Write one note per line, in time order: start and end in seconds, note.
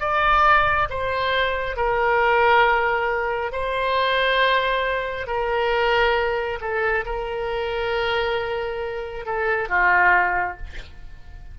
0.00 0.88 D5
0.90 1.76 C5
1.76 3.52 A#4
3.52 5.27 C5
5.27 6.59 A#4
6.61 7.05 A4
7.05 9.26 A#4
9.26 9.69 A4
9.69 10.57 F4